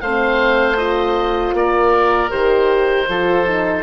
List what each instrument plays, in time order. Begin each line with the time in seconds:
0.00 bassoon A3, horn C4, oboe C5 F5
0.76 horn F4, oboe D#5
1.53 bassoon A#3, oboe A#4 D5
2.29 bassoon D#3, horn G4, oboe C5
3.08 bassoon F3, horn F4, oboe A4
3.45 horn D#4